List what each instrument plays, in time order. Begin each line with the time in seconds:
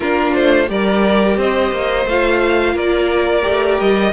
0.00 cello A#3, viola D4, violin F4 A#4
0.34 cello A3, violin C5
0.66 cello G3, viola G4, violin A#4 D5
1.37 cello C4, violin C5 D#5
1.71 cello A#3
2.05 cello A3, viola F4, violin F5
2.74 cello A#3, violin A#4 D5
3.42 cello A3, viola G4
3.80 cello G3, violin D#5